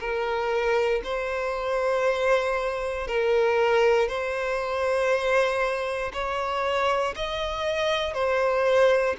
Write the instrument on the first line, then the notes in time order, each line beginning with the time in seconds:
violin
0.00 A#4
1.04 C5
3.08 A#4
4.09 C5
6.13 C#5
7.16 D#5
8.14 C5